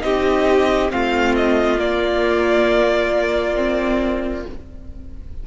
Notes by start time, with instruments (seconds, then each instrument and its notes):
0.00 cello C4, viola D#4, violin G4 D#5
0.90 cello A3, viola C4, violin F4 F5
1.35 violin D#5
1.76 viola A#3, cello A#3, violin D5
3.55 viola C4